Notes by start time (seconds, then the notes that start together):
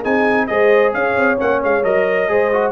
0.00 C4 D#4 G#4 G#5
0.47 G#3 G#4 C5 D#5
0.93 C#4 C#5 F5
1.17 C4
1.37 A#3 C#4 F#5
1.63 G#3 F5
1.83 F#3 A#4 D#5
2.28 G#3 G#4 C5
2.52 F#4